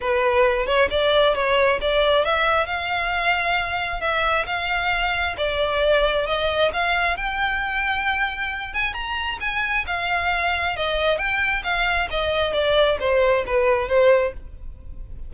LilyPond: \new Staff \with { instrumentName = "violin" } { \time 4/4 \tempo 4 = 134 b'4. cis''8 d''4 cis''4 | d''4 e''4 f''2~ | f''4 e''4 f''2 | d''2 dis''4 f''4 |
g''2.~ g''8 gis''8 | ais''4 gis''4 f''2 | dis''4 g''4 f''4 dis''4 | d''4 c''4 b'4 c''4 | }